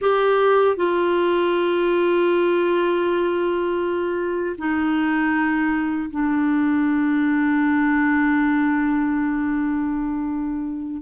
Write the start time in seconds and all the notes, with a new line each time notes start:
0.01 G4
0.76 F4
4.58 D#4
6.10 D4